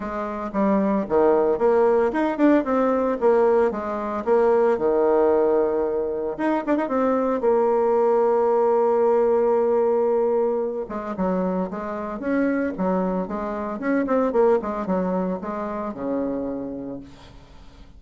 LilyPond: \new Staff \with { instrumentName = "bassoon" } { \time 4/4 \tempo 4 = 113 gis4 g4 dis4 ais4 | dis'8 d'8 c'4 ais4 gis4 | ais4 dis2. | dis'8 d'16 dis'16 c'4 ais2~ |
ais1~ | ais8 gis8 fis4 gis4 cis'4 | fis4 gis4 cis'8 c'8 ais8 gis8 | fis4 gis4 cis2 | }